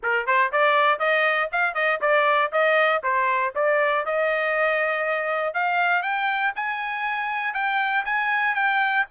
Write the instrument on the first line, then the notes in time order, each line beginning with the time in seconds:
trumpet
0.02 A#4
0.26 C5
0.52 D5
0.99 D#5
1.51 F5
1.74 D#5
2.01 D5
2.52 D#5
3.03 C5
3.55 D5
4.05 D#5
5.53 F5
6.02 G5
6.55 G#5
7.54 G5
8.05 G#5
8.54 G5